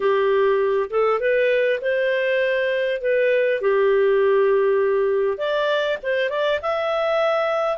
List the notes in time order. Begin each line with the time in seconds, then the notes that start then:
0.00 G4
0.89 A4
1.19 B4
1.81 C5
3.01 B4
3.61 G4
5.37 D5
6.02 C5
6.29 D5
6.62 E5